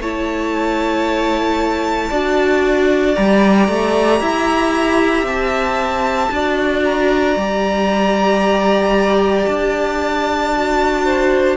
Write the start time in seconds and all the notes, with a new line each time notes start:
0.00 A3 E4 C#5 A5
2.09 D4 F#4 D5
3.15 G3 G4 A#5
3.68 A3
4.20 E4 E5
5.23 C4 A5
6.32 D4 F#4 D5
6.84 A#5
7.36 G3 G4
9.46 D4 A5
10.56 F#4
11.05 C5